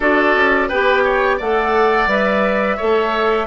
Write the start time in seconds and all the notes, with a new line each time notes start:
0.00 D4 F#4 A4 D5
0.35 C#4
0.68 B3 G4 B4 G5
1.04 C#5
1.37 A3 A4 D5 F#5
2.07 G3 B4 E5
2.76 A3 A4 C#5